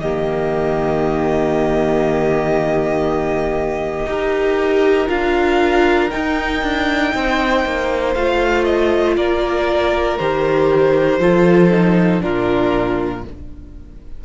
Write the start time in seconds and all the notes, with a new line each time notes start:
0.00 D#3 A#3 G4 D#5
4.06 D#4 G4 A#4
5.08 D4 F4 F5
6.10 D#4 G5
6.63 D4
7.14 C4 C5
7.65 A#3
8.14 A3 F4 F5
8.65 D#5
9.17 A#3 A#4 D5
10.18 D#3 G4 C5
11.19 F3 F4 A4
11.71 D#4
12.21 A#2 D4 F4 A#4